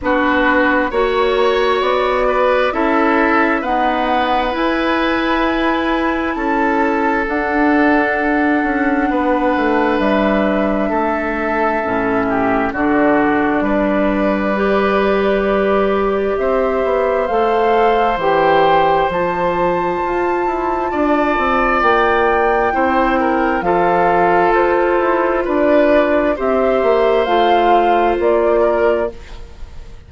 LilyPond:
<<
  \new Staff \with { instrumentName = "flute" } { \time 4/4 \tempo 4 = 66 b'4 cis''4 d''4 e''4 | fis''4 gis''2 a''4 | fis''2. e''4~ | e''2 d''2~ |
d''2 e''4 f''4 | g''4 a''2. | g''2 f''4 c''4 | d''4 e''4 f''4 d''4 | }
  \new Staff \with { instrumentName = "oboe" } { \time 4/4 fis'4 cis''4. b'8 a'4 | b'2. a'4~ | a'2 b'2 | a'4. g'8 fis'4 b'4~ |
b'2 c''2~ | c''2. d''4~ | d''4 c''8 ais'8 a'2 | b'4 c''2~ c''8 ais'8 | }
  \new Staff \with { instrumentName = "clarinet" } { \time 4/4 d'4 fis'2 e'4 | b4 e'2. | d'1~ | d'4 cis'4 d'2 |
g'2. a'4 | g'4 f'2.~ | f'4 e'4 f'2~ | f'4 g'4 f'2 | }
  \new Staff \with { instrumentName = "bassoon" } { \time 4/4 b4 ais4 b4 cis'4 | dis'4 e'2 cis'4 | d'4. cis'8 b8 a8 g4 | a4 a,4 d4 g4~ |
g2 c'8 b8 a4 | e4 f4 f'8 e'8 d'8 c'8 | ais4 c'4 f4 f'8 e'8 | d'4 c'8 ais8 a4 ais4 | }
>>